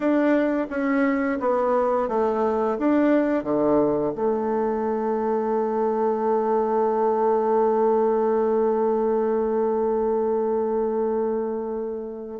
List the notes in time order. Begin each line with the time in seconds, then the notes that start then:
0.00 D4
0.70 C#4
1.39 B3
2.08 A3
2.79 D4
3.43 D3
4.15 A3